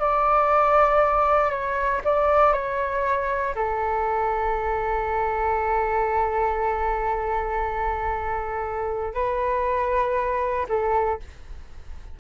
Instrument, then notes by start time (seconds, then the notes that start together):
flute
0.00 D5
1.51 C#5
2.05 D5
2.53 C#5
3.55 A4
9.14 B4
10.69 A4